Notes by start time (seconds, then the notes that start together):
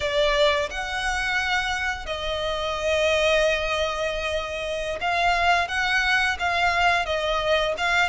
0.00 D5
0.70 F#5
2.06 D#5
5.01 F5
5.68 F#5
6.39 F5
7.05 D#5
7.77 F5